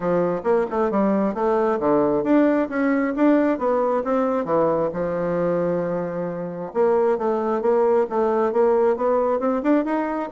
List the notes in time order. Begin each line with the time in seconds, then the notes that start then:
0.00 F3
0.43 A#3
0.70 A3
0.90 G3
1.34 A3
1.79 D3
2.23 D4
2.69 C#4
3.16 D4
3.58 B3
4.04 C4
4.45 E3
4.93 F3
6.73 A#3
7.18 A3
7.61 A#3
8.09 A3
8.52 A#3
8.96 B3
9.39 C4
9.62 D4
9.84 D#4